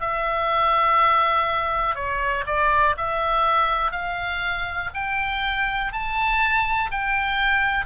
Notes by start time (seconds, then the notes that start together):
0.00 E5
1.95 C#5
2.46 D5
2.97 E5
3.92 F5
4.94 G5
5.92 A5
6.91 G5